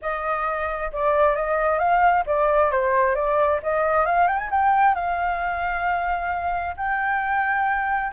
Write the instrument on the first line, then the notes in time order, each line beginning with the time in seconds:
flute
0.01 D#5
0.92 D5
1.36 D#5
1.79 F5
2.26 D5
2.71 C5
3.15 D5
3.62 D#5
4.05 F5
4.27 G5
4.37 G#5
4.50 G5
4.94 F5
6.76 G5